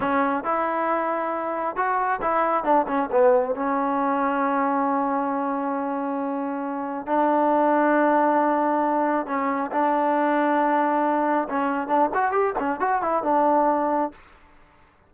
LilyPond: \new Staff \with { instrumentName = "trombone" } { \time 4/4 \tempo 4 = 136 cis'4 e'2. | fis'4 e'4 d'8 cis'8 b4 | cis'1~ | cis'1 |
d'1~ | d'4 cis'4 d'2~ | d'2 cis'4 d'8 fis'8 | g'8 cis'8 fis'8 e'8 d'2 | }